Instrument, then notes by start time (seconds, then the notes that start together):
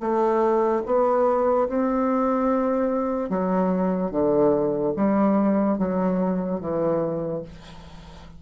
bassoon
0.00 A3
0.86 B3
1.68 C4
3.30 F#3
4.11 D3
4.96 G3
5.78 F#3
6.60 E3